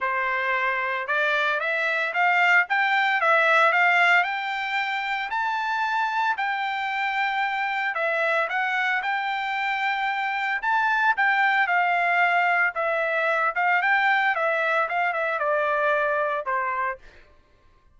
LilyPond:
\new Staff \with { instrumentName = "trumpet" } { \time 4/4 \tempo 4 = 113 c''2 d''4 e''4 | f''4 g''4 e''4 f''4 | g''2 a''2 | g''2. e''4 |
fis''4 g''2. | a''4 g''4 f''2 | e''4. f''8 g''4 e''4 | f''8 e''8 d''2 c''4 | }